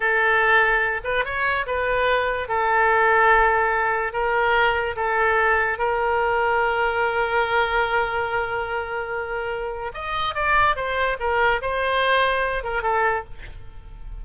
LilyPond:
\new Staff \with { instrumentName = "oboe" } { \time 4/4 \tempo 4 = 145 a'2~ a'8 b'8 cis''4 | b'2 a'2~ | a'2 ais'2 | a'2 ais'2~ |
ais'1~ | ais'1 | dis''4 d''4 c''4 ais'4 | c''2~ c''8 ais'8 a'4 | }